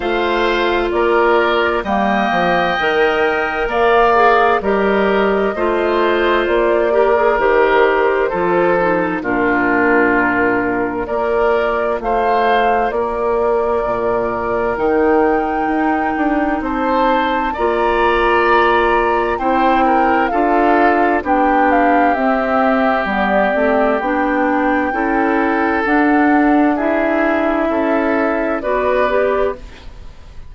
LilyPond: <<
  \new Staff \with { instrumentName = "flute" } { \time 4/4 \tempo 4 = 65 f''4 d''4 g''2 | f''4 dis''2 d''4 | c''2 ais'2 | d''4 f''4 d''2 |
g''2 a''4 ais''4~ | ais''4 g''4 f''4 g''8 f''8 | e''4 d''4 g''2 | fis''4 e''2 d''4 | }
  \new Staff \with { instrumentName = "oboe" } { \time 4/4 c''4 ais'4 dis''2 | d''4 ais'4 c''4. ais'8~ | ais'4 a'4 f'2 | ais'4 c''4 ais'2~ |
ais'2 c''4 d''4~ | d''4 c''8 ais'8 a'4 g'4~ | g'2. a'4~ | a'4 gis'4 a'4 b'4 | }
  \new Staff \with { instrumentName = "clarinet" } { \time 4/4 f'2 ais4 ais'4~ | ais'8 gis'8 g'4 f'4. g'16 gis'16 | g'4 f'8 dis'8 d'2 | f'1 |
dis'2. f'4~ | f'4 e'4 f'4 d'4 | c'4 b8 c'8 d'4 e'4 | d'4 e'2 fis'8 g'8 | }
  \new Staff \with { instrumentName = "bassoon" } { \time 4/4 a4 ais4 g8 f8 dis4 | ais4 g4 a4 ais4 | dis4 f4 ais,2 | ais4 a4 ais4 ais,4 |
dis4 dis'8 d'8 c'4 ais4~ | ais4 c'4 d'4 b4 | c'4 g8 a8 b4 cis'4 | d'2 cis'4 b4 | }
>>